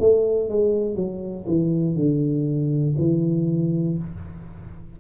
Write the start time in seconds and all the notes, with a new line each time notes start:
0.00 A3
0.49 G#3
0.95 F#3
1.46 E3
1.95 D3
2.98 E3